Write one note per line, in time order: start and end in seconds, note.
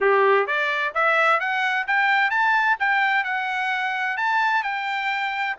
0.00 0.46 G4
0.46 0.93 D5
0.94 1.40 E5
1.40 1.86 F#5
1.87 2.30 G5
2.30 2.77 A5
2.79 3.24 G5
3.24 4.17 F#5
4.17 4.63 A5
4.63 5.56 G5